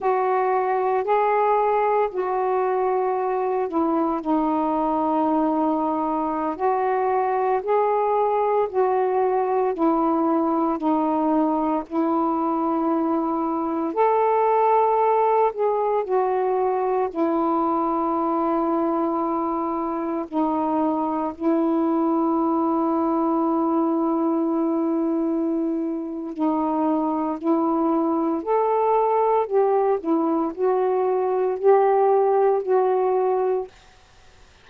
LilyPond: \new Staff \with { instrumentName = "saxophone" } { \time 4/4 \tempo 4 = 57 fis'4 gis'4 fis'4. e'8 | dis'2~ dis'16 fis'4 gis'8.~ | gis'16 fis'4 e'4 dis'4 e'8.~ | e'4~ e'16 a'4. gis'8 fis'8.~ |
fis'16 e'2. dis'8.~ | dis'16 e'2.~ e'8.~ | e'4 dis'4 e'4 a'4 | g'8 e'8 fis'4 g'4 fis'4 | }